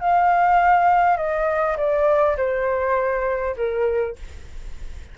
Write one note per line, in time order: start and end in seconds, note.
0.00 1.17 F5
1.17 1.76 D#5
1.77 2.36 D5
2.37 3.55 C5
3.56 4.16 A#4